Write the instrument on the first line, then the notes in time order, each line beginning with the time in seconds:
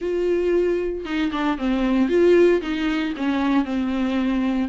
viola
0.01 F4
1.05 D#4
1.32 D4
1.58 C4
2.09 F4
2.61 D#4
3.16 C#4
3.65 C4